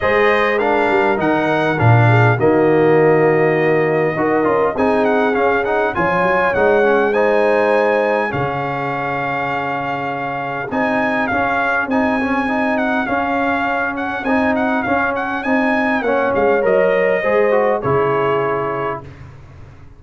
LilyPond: <<
  \new Staff \with { instrumentName = "trumpet" } { \time 4/4 \tempo 4 = 101 dis''4 f''4 fis''4 f''4 | dis''1 | gis''8 fis''8 f''8 fis''8 gis''4 fis''4 | gis''2 f''2~ |
f''2 gis''4 f''4 | gis''4. fis''8 f''4. fis''8 | gis''8 fis''8 f''8 fis''8 gis''4 fis''8 f''8 | dis''2 cis''2 | }
  \new Staff \with { instrumentName = "horn" } { \time 4/4 c''4 ais'2~ ais'8 gis'8 | fis'2. ais'4 | gis'2 cis''2 | c''2 gis'2~ |
gis'1~ | gis'1~ | gis'2. cis''4~ | cis''4 c''4 gis'2 | }
  \new Staff \with { instrumentName = "trombone" } { \time 4/4 gis'4 d'4 dis'4 d'4 | ais2. fis'8 f'8 | dis'4 cis'8 dis'8 f'4 dis'8 cis'8 | dis'2 cis'2~ |
cis'2 dis'4 cis'4 | dis'8 cis'8 dis'4 cis'2 | dis'4 cis'4 dis'4 cis'4 | ais'4 gis'8 fis'8 e'2 | }
  \new Staff \with { instrumentName = "tuba" } { \time 4/4 gis4. g8 dis4 ais,4 | dis2. dis'8 cis'8 | c'4 cis'4 f8 fis8 gis4~ | gis2 cis2~ |
cis2 c'4 cis'4 | c'2 cis'2 | c'4 cis'4 c'4 ais8 gis8 | fis4 gis4 cis2 | }
>>